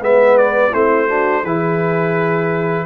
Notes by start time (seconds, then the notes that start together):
0.00 G#3 B3 B4 E5
0.38 D5
0.71 A3 C4 E4 C5
1.08 D4 F#4
1.44 E3 E4 G#4 B4